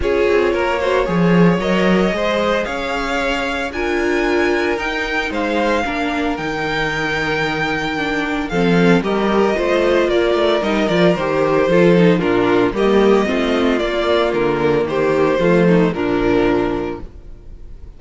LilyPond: <<
  \new Staff \with { instrumentName = "violin" } { \time 4/4 \tempo 4 = 113 cis''2. dis''4~ | dis''4 f''2 gis''4~ | gis''4 g''4 f''2 | g''1 |
f''4 dis''2 d''4 | dis''8 d''8 c''2 ais'4 | dis''2 d''4 ais'4 | c''2 ais'2 | }
  \new Staff \with { instrumentName = "violin" } { \time 4/4 gis'4 ais'8 c''8 cis''2 | c''4 cis''2 ais'4~ | ais'2 c''4 ais'4~ | ais'1 |
a'4 ais'4 c''4 ais'4~ | ais'2 a'4 f'4 | g'4 f'2. | g'4 f'8 dis'8 d'2 | }
  \new Staff \with { instrumentName = "viola" } { \time 4/4 f'4. fis'8 gis'4 ais'4 | gis'2. f'4~ | f'4 dis'2 d'4 | dis'2. d'4 |
c'4 g'4 f'2 | dis'8 f'8 g'4 f'8 dis'8 d'4 | ais4 c'4 ais2~ | ais4 a4 f2 | }
  \new Staff \with { instrumentName = "cello" } { \time 4/4 cis'8 c'8 ais4 f4 fis4 | gis4 cis'2 d'4~ | d'4 dis'4 gis4 ais4 | dis1 |
f4 g4 a4 ais8 a8 | g8 f8 dis4 f4 ais,4 | g4 a4 ais4 d4 | dis4 f4 ais,2 | }
>>